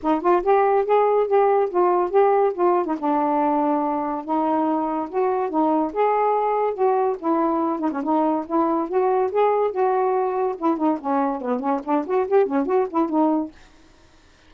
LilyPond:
\new Staff \with { instrumentName = "saxophone" } { \time 4/4 \tempo 4 = 142 dis'8 f'8 g'4 gis'4 g'4 | f'4 g'4 f'8. dis'16 d'4~ | d'2 dis'2 | fis'4 dis'4 gis'2 |
fis'4 e'4. dis'16 cis'16 dis'4 | e'4 fis'4 gis'4 fis'4~ | fis'4 e'8 dis'8 cis'4 b8 cis'8 | d'8 fis'8 g'8 cis'8 fis'8 e'8 dis'4 | }